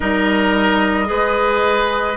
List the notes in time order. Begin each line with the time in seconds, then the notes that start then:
0.00 G3 D#4 A#4 D#5
1.05 G#3 G#4 B4